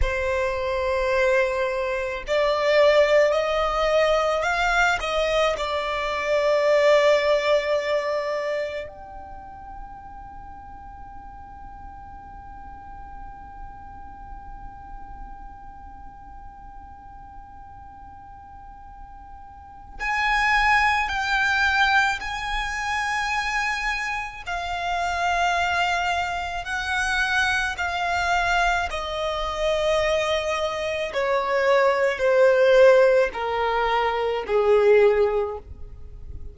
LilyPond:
\new Staff \with { instrumentName = "violin" } { \time 4/4 \tempo 4 = 54 c''2 d''4 dis''4 | f''8 dis''8 d''2. | g''1~ | g''1~ |
g''2 gis''4 g''4 | gis''2 f''2 | fis''4 f''4 dis''2 | cis''4 c''4 ais'4 gis'4 | }